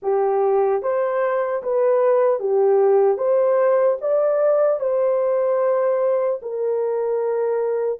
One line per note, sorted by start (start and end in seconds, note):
0.02 0.82 G4
0.82 1.62 C5
1.63 2.39 B4
2.39 3.17 G4
3.17 3.97 C5
4.01 4.80 D5
4.80 6.40 C5
6.41 7.99 A#4